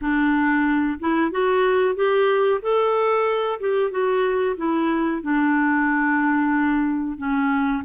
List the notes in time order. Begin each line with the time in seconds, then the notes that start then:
0.01 D4
0.99 E4
1.31 F#4
1.95 G4
2.61 A4
3.60 G4
3.90 F#4
4.57 E4
5.21 D4
7.17 C#4